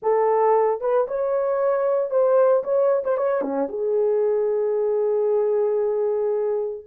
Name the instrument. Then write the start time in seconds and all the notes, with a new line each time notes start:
horn
0.02 A4
0.80 B4
1.07 C#5
2.10 C5
2.63 C#5
3.04 C5
3.17 C#5
3.41 C#4
3.68 G#4